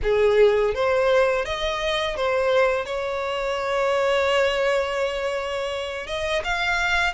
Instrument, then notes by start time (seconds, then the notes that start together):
violin
0.03 G#4
0.74 C5
1.45 D#5
2.16 C5
2.85 C#5
6.06 D#5
6.44 F5